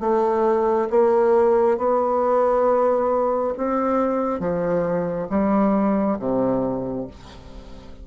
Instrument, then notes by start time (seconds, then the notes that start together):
bassoon
0.00 A3
0.90 A#3
1.77 B3
3.57 C4
4.40 F3
5.29 G3
6.19 C3